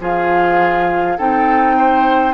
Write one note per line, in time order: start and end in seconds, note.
0.00 1.18 F3
0.00 1.18 F4
0.00 1.17 G#4
0.00 1.17 F5
1.17 2.34 C4
1.17 2.34 D#4
1.17 1.76 A4
1.17 2.34 G5
1.77 2.34 C5